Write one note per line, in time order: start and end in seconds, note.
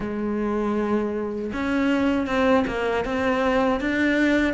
0.00 1.52 G#3
1.53 2.26 C#4
2.26 2.64 C4
2.67 3.04 A#3
3.04 3.80 C4
3.80 4.53 D4